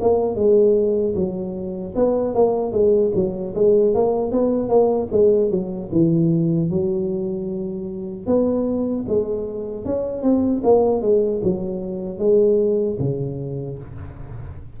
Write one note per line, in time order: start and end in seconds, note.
0.00 0.35 A#3
0.35 1.14 G#3
1.14 1.93 F#3
1.95 2.34 B3
2.34 2.72 A#3
2.72 3.11 G#3
3.15 3.54 F#3
3.55 3.94 G#3
3.94 4.31 A#3
4.31 4.68 B3
4.68 5.08 A#3
5.11 5.50 G#3
5.50 5.89 F#3
5.91 6.70 E3
6.70 8.26 F#3
8.26 9.05 B3
9.08 9.85 G#3
9.85 10.22 C#4
10.22 10.61 C4
10.63 11.01 A#3
11.01 11.41 G#3
11.43 12.18 F#3
12.18 12.97 G#3
12.99 13.78 C#3